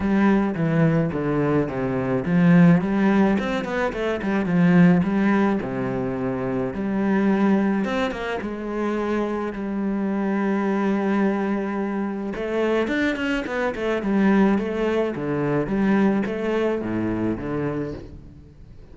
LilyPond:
\new Staff \with { instrumentName = "cello" } { \time 4/4 \tempo 4 = 107 g4 e4 d4 c4 | f4 g4 c'8 b8 a8 g8 | f4 g4 c2 | g2 c'8 ais8 gis4~ |
gis4 g2.~ | g2 a4 d'8 cis'8 | b8 a8 g4 a4 d4 | g4 a4 a,4 d4 | }